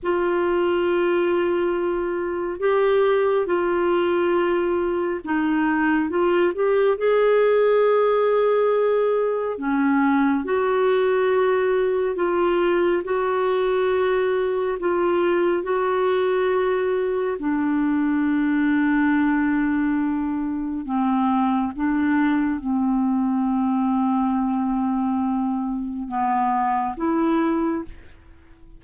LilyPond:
\new Staff \with { instrumentName = "clarinet" } { \time 4/4 \tempo 4 = 69 f'2. g'4 | f'2 dis'4 f'8 g'8 | gis'2. cis'4 | fis'2 f'4 fis'4~ |
fis'4 f'4 fis'2 | d'1 | c'4 d'4 c'2~ | c'2 b4 e'4 | }